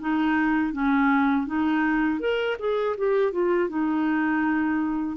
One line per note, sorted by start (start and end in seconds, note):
0.00 0.72 D#4
0.72 1.46 C#4
1.46 2.20 D#4
2.20 2.57 A#4
2.59 2.96 G#4
2.97 3.32 G4
3.32 3.69 F4
3.69 5.16 D#4